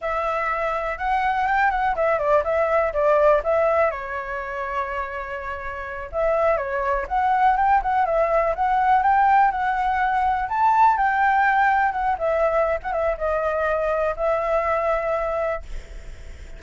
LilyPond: \new Staff \with { instrumentName = "flute" } { \time 4/4 \tempo 4 = 123 e''2 fis''4 g''8 fis''8 | e''8 d''8 e''4 d''4 e''4 | cis''1~ | cis''8 e''4 cis''4 fis''4 g''8 |
fis''8 e''4 fis''4 g''4 fis''8~ | fis''4. a''4 g''4.~ | g''8 fis''8 e''4~ e''16 fis''16 e''8 dis''4~ | dis''4 e''2. | }